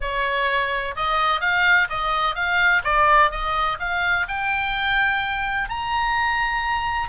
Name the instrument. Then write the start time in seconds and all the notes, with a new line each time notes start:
oboe
0.00 C#5
0.96 D#5
1.40 F5
1.89 D#5
2.35 F5
2.84 D5
3.30 D#5
3.79 F5
4.28 G5
5.69 A#5